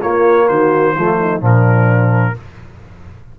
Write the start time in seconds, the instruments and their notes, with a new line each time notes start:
0.00 trombone A#3, tuba A#3, horn F4, trumpet C#5
0.48 tuba D#3, horn F#4, trumpet C5
0.96 tuba F3, trombone A3, horn F4
1.20 horn D#4
1.41 tuba A#2, trombone F3, horn D4, trumpet A#4